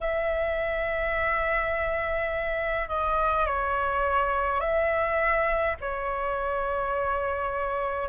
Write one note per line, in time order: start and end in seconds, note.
0.01 2.88 E5
2.88 3.46 D#5
3.46 4.60 C#5
4.60 5.75 E5
5.80 8.08 C#5